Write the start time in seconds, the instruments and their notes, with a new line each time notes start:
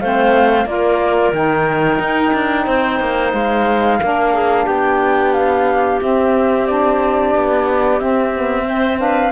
0.00 cello A3, saxophone C4, clarinet C5, flute F5
0.65 cello A#3, saxophone F4, clarinet A#4, flute D5
1.32 cello D#3, saxophone D#4, flute G5
1.99 cello D#4
2.33 cello D4
2.65 cello C4, clarinet C5
2.99 cello A#3
3.33 cello G#3, flute F5
4.00 cello A#3, saxophone D4, clarinet A#4
4.33 clarinet G#4
4.64 cello B3, clarinet G4, flute G5
5.33 flute F5
6.00 saxophone C4, cello C4, flute E5
6.66 saxophone D4, flute D5
7.35 cello B3
7.99 saxophone C4, cello C4, flute E5
8.33 saxophone B3
8.65 saxophone C4, clarinet C5
8.97 saxophone D4, clarinet B4, flute F5